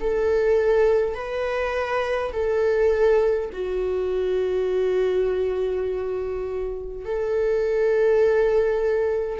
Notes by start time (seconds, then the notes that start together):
0.00 A4
1.14 B4
2.33 A4
3.52 F#4
7.05 A4